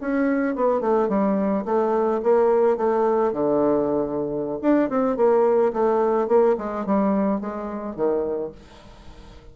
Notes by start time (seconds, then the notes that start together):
0.00 C#4
0.55 B3
0.80 A3
1.08 G3
1.64 A3
2.23 A#3
2.77 A3
3.32 D3
4.61 D4
4.89 C4
5.16 A#3
5.72 A3
6.27 A#3
6.57 G#3
6.85 G3
7.40 G#3
7.95 D#3